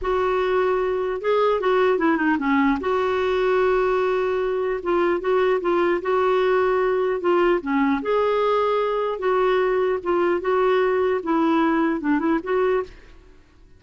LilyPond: \new Staff \with { instrumentName = "clarinet" } { \time 4/4 \tempo 4 = 150 fis'2. gis'4 | fis'4 e'8 dis'8 cis'4 fis'4~ | fis'1 | f'4 fis'4 f'4 fis'4~ |
fis'2 f'4 cis'4 | gis'2. fis'4~ | fis'4 f'4 fis'2 | e'2 d'8 e'8 fis'4 | }